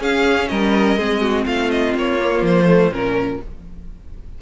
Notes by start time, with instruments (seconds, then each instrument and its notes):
0.00 cello C#4, viola C#4, violin G#4 F5
0.48 cello G3, violin A#4 D#5
0.97 cello G#3, viola C4, violin G#4
1.22 violin F#4
1.45 cello A3, violin F4 F5
1.71 violin D#5
1.95 cello A#3, violin C#5
2.20 viola A#3
2.41 cello F3, violin C5
2.67 viola A3
2.88 cello A#2, viola C#4, violin A#4